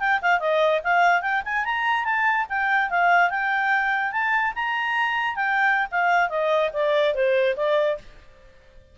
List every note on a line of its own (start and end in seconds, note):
0.00 0.21 G5
0.22 0.40 F5
0.40 0.81 D#5
0.84 1.22 F5
1.22 1.42 G5
1.45 1.65 G#5
1.65 2.05 A#5
2.05 2.46 A5
2.49 2.90 G5
2.90 3.30 F5
3.30 4.12 G5
4.12 4.53 A5
4.55 5.36 A#5
5.36 5.87 G5
5.91 6.29 F5
6.29 6.71 D#5
6.73 7.15 D5
7.15 7.56 C5
7.57 7.98 D5